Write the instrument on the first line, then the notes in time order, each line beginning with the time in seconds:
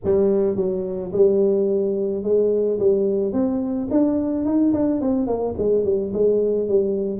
tuba
0.04 G3
0.56 F#3
1.12 G3
2.23 G#3
2.79 G3
3.32 C4
3.90 D4
4.45 D#4
4.73 D4
5.01 C4
5.26 A#3
5.57 G#3
5.84 G3
6.13 G#3
6.68 G3